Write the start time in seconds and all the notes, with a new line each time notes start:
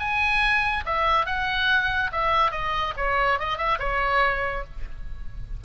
0.00 G#5
0.86 E5
1.27 F#5
2.12 E5
2.52 D#5
2.97 C#5
3.40 D#5
3.58 E5
3.80 C#5